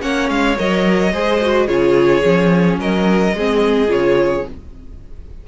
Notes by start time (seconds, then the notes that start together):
0.00 A#3 C#4 C#5 F#5
0.29 G#3 F5
0.57 F#3 A#4 D#5
1.13 G#3 G#4 C5
1.41 F#4
1.67 C#3 F4 G#4 C#5
2.22 F3 C#4
2.78 F#3 A#4 D#5
3.33 G#3 C4 G#4
3.87 C#3 F4 C#5